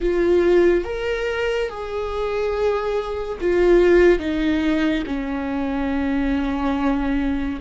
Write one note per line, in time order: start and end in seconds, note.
0.00 0.84 F4
0.84 1.69 A#4
1.69 3.38 G#4
3.40 4.19 F4
4.19 5.03 D#4
5.06 7.59 C#4